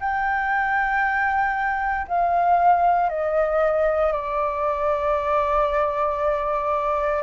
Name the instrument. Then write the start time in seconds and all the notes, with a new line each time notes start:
flute
0.00 G5
2.08 F5
3.10 D#5
4.13 D5